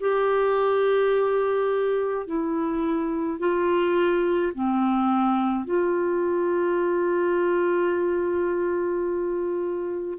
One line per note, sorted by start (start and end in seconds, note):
0.00 2.26 G4
2.26 3.39 E4
3.39 4.52 F4
4.54 5.65 C4
5.65 10.18 F4